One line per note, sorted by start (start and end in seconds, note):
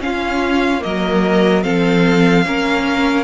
0.00 0.80 C#4
0.00 0.82 C#4
0.00 0.84 F4
0.00 0.82 F5
0.80 1.65 F#3
0.80 1.61 A#3
0.80 1.64 A#4
0.80 1.63 D#5
1.63 2.46 F3
1.63 2.44 C4
1.63 2.45 A4
1.63 3.24 F5
2.45 3.24 A#3
2.45 3.24 C#4
2.45 3.24 A#4